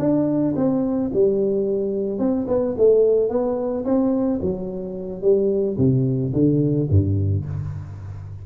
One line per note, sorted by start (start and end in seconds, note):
0.00 0.55 D4
0.56 1.11 C4
1.14 2.19 G3
2.19 2.47 C4
2.48 2.75 B3
2.78 3.30 A3
3.30 3.85 B3
3.85 4.40 C4
4.42 5.22 F#3
5.22 5.77 G3
5.78 6.33 C3
6.34 6.89 D3
6.91 7.46 G2